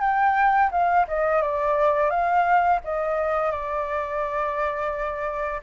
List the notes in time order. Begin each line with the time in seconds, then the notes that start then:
0.00 G5
0.71 F5
1.07 D#5
1.41 D5
2.10 F5
2.84 D#5
3.51 D5